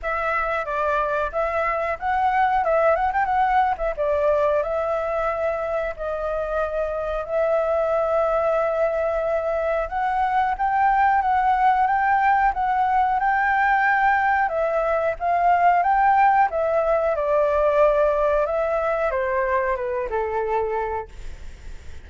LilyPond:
\new Staff \with { instrumentName = "flute" } { \time 4/4 \tempo 4 = 91 e''4 d''4 e''4 fis''4 | e''8 fis''16 g''16 fis''8. e''16 d''4 e''4~ | e''4 dis''2 e''4~ | e''2. fis''4 |
g''4 fis''4 g''4 fis''4 | g''2 e''4 f''4 | g''4 e''4 d''2 | e''4 c''4 b'8 a'4. | }